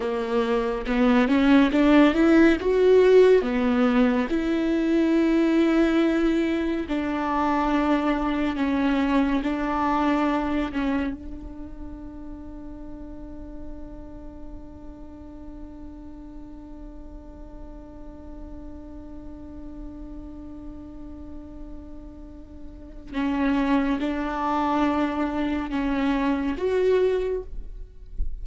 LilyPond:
\new Staff \with { instrumentName = "viola" } { \time 4/4 \tempo 4 = 70 ais4 b8 cis'8 d'8 e'8 fis'4 | b4 e'2. | d'2 cis'4 d'4~ | d'8 cis'8 d'2.~ |
d'1~ | d'1~ | d'2. cis'4 | d'2 cis'4 fis'4 | }